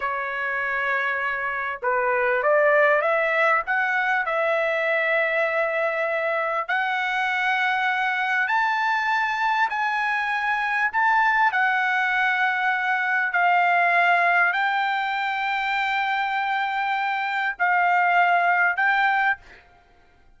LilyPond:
\new Staff \with { instrumentName = "trumpet" } { \time 4/4 \tempo 4 = 99 cis''2. b'4 | d''4 e''4 fis''4 e''4~ | e''2. fis''4~ | fis''2 a''2 |
gis''2 a''4 fis''4~ | fis''2 f''2 | g''1~ | g''4 f''2 g''4 | }